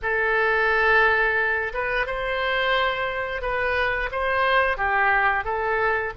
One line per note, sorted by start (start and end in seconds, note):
0.02 1.72 A4
1.73 2.06 B4
2.06 3.41 C5
3.41 4.09 B4
4.11 4.77 C5
4.77 5.44 G4
5.44 6.12 A4